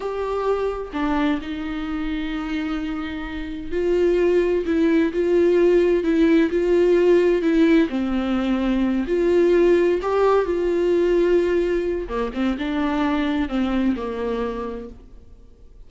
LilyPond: \new Staff \with { instrumentName = "viola" } { \time 4/4 \tempo 4 = 129 g'2 d'4 dis'4~ | dis'1 | f'2 e'4 f'4~ | f'4 e'4 f'2 |
e'4 c'2~ c'8 f'8~ | f'4. g'4 f'4.~ | f'2 ais8 c'8 d'4~ | d'4 c'4 ais2 | }